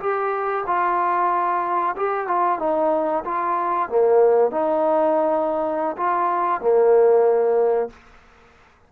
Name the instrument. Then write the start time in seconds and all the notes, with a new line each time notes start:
trombone
0.00 G4
0.67 F4
1.96 G4
2.28 F4
2.59 D#4
3.25 F4
3.89 A#3
4.51 D#4
5.97 F4
6.61 A#3